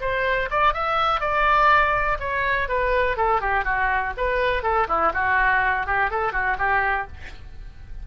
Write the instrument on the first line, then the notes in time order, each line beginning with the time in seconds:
oboe
0.00 C5
0.50 D5
0.73 E5
1.20 D5
2.19 C#5
2.68 B4
3.16 A4
3.41 G4
3.64 F#4
4.17 B4
4.62 A4
4.88 E4
5.13 F#4
5.86 G4
6.10 A4
6.32 F#4
6.58 G4